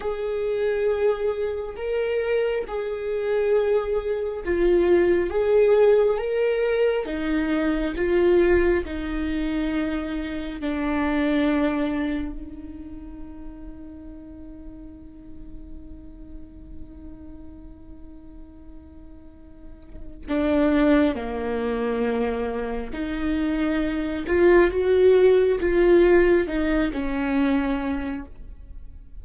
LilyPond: \new Staff \with { instrumentName = "viola" } { \time 4/4 \tempo 4 = 68 gis'2 ais'4 gis'4~ | gis'4 f'4 gis'4 ais'4 | dis'4 f'4 dis'2 | d'2 dis'2~ |
dis'1~ | dis'2. d'4 | ais2 dis'4. f'8 | fis'4 f'4 dis'8 cis'4. | }